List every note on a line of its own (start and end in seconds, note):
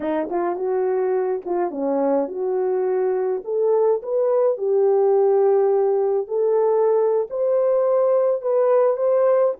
0.00 0.28 D#4
0.30 0.55 F4
0.55 1.41 F#4
1.45 1.70 F4
1.70 2.28 C#4
2.28 3.42 F#4
3.44 4.01 A4
4.02 4.57 B4
4.57 6.27 G4
6.27 7.27 A4
7.30 8.41 C5
8.41 8.97 B4
8.97 9.54 C5